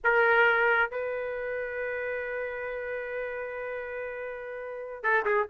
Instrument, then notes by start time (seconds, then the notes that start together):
trumpet
0.03 A#4
0.90 B4
5.03 A4
5.25 G#4